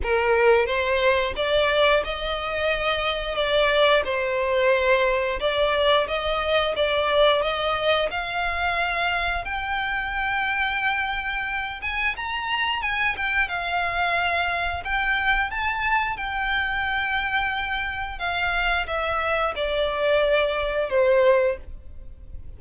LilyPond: \new Staff \with { instrumentName = "violin" } { \time 4/4 \tempo 4 = 89 ais'4 c''4 d''4 dis''4~ | dis''4 d''4 c''2 | d''4 dis''4 d''4 dis''4 | f''2 g''2~ |
g''4. gis''8 ais''4 gis''8 g''8 | f''2 g''4 a''4 | g''2. f''4 | e''4 d''2 c''4 | }